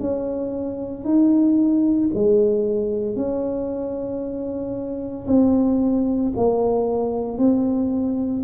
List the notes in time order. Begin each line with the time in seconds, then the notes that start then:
0.00 C#4
1.05 D#4
2.14 G#3
3.16 C#4
5.27 C4
6.36 A#3
7.38 C4